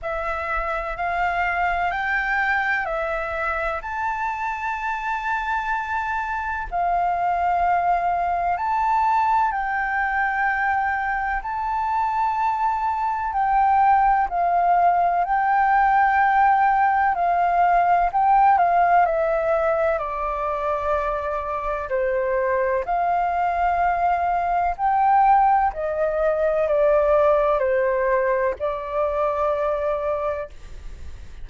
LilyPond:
\new Staff \with { instrumentName = "flute" } { \time 4/4 \tempo 4 = 63 e''4 f''4 g''4 e''4 | a''2. f''4~ | f''4 a''4 g''2 | a''2 g''4 f''4 |
g''2 f''4 g''8 f''8 | e''4 d''2 c''4 | f''2 g''4 dis''4 | d''4 c''4 d''2 | }